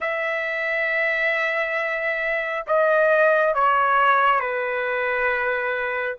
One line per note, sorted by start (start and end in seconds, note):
0.00 2.65 E5
2.66 3.54 D#5
3.54 4.40 C#5
4.40 6.16 B4